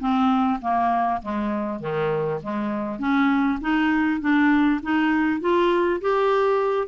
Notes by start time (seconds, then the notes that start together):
0.00 C4
0.62 A#3
1.22 G#3
1.80 D#3
2.43 G#3
2.99 C#4
3.61 D#4
4.21 D4
4.83 D#4
5.41 F4
6.01 G4